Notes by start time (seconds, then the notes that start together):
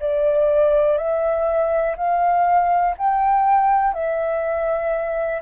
0.00 D5
0.97 E5
1.97 F5
2.98 G5
3.93 E5